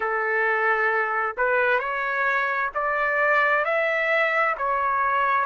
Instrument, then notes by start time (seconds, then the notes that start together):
trumpet
0.00 A4
1.37 B4
1.79 C#5
2.74 D5
3.64 E5
4.57 C#5